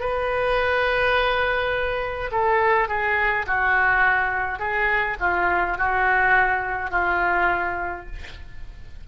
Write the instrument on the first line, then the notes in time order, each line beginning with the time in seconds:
oboe
0.00 B4
2.31 A4
2.88 G#4
3.46 F#4
4.59 G#4
5.20 F4
5.78 F#4
6.91 F4